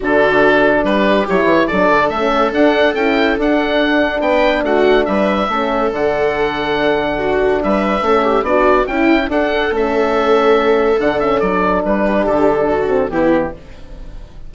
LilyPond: <<
  \new Staff \with { instrumentName = "oboe" } { \time 4/4 \tempo 4 = 142 a'2 b'4 cis''4 | d''4 e''4 fis''4 g''4 | fis''2 g''4 fis''4 | e''2 fis''2~ |
fis''2 e''2 | d''4 g''4 fis''4 e''4~ | e''2 fis''8 e''8 d''4 | b'4 a'2 g'4 | }
  \new Staff \with { instrumentName = "viola" } { \time 4/4 fis'2 g'2 | a'1~ | a'2 b'4 fis'4 | b'4 a'2.~ |
a'4 fis'4 b'4 a'8 g'8 | fis'4 e'4 a'2~ | a'1~ | a'8 g'4. fis'4 e'4 | }
  \new Staff \with { instrumentName = "horn" } { \time 4/4 d'2. e'4 | d'4 cis'4 d'4 e'4 | d'1~ | d'4 cis'4 d'2~ |
d'2. cis'4 | d'4 e'4 d'4 cis'4~ | cis'2 d'8 cis'8 d'4~ | d'2~ d'8 c'8 b4 | }
  \new Staff \with { instrumentName = "bassoon" } { \time 4/4 d2 g4 fis8 e8 | fis8 d8 a4 d'4 cis'4 | d'2 b4 a4 | g4 a4 d2~ |
d2 g4 a4 | b4 cis'4 d'4 a4~ | a2 d4 fis4 | g4 d2 e4 | }
>>